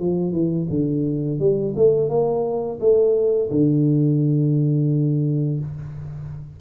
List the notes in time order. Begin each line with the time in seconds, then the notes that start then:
0.00 F3
0.32 E3
0.70 D3
1.40 G3
1.77 A3
2.10 A#3
2.80 A3
3.51 D3